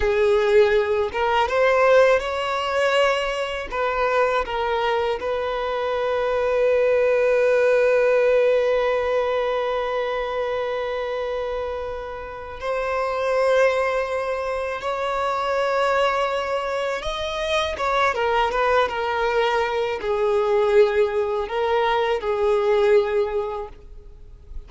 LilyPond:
\new Staff \with { instrumentName = "violin" } { \time 4/4 \tempo 4 = 81 gis'4. ais'8 c''4 cis''4~ | cis''4 b'4 ais'4 b'4~ | b'1~ | b'1~ |
b'4 c''2. | cis''2. dis''4 | cis''8 ais'8 b'8 ais'4. gis'4~ | gis'4 ais'4 gis'2 | }